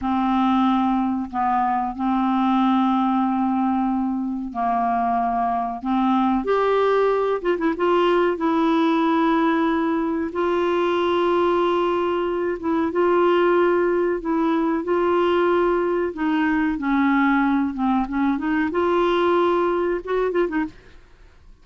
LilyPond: \new Staff \with { instrumentName = "clarinet" } { \time 4/4 \tempo 4 = 93 c'2 b4 c'4~ | c'2. ais4~ | ais4 c'4 g'4. f'16 e'16 | f'4 e'2. |
f'2.~ f'8 e'8 | f'2 e'4 f'4~ | f'4 dis'4 cis'4. c'8 | cis'8 dis'8 f'2 fis'8 f'16 dis'16 | }